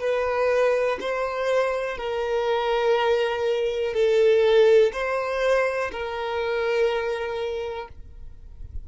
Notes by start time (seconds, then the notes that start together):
0.00 B4
1.00 C5
1.98 A#4
3.94 A4
4.92 C5
5.92 A#4